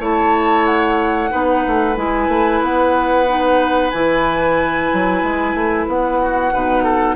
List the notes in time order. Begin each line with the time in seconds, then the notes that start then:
0.00 A3 E4 C#5 A5
0.66 F#5
1.30 B3 D#4 B4
1.67 A3
1.96 G#3 E4 G#5
2.29 A3
2.62 B3 F#5
3.27 D#4
3.91 E3 E4 G#5
4.93 F#3
5.23 G#3
5.54 A3
5.88 B3 F#5
6.21 F#4
6.53 B2 D#4 B4
6.84 A4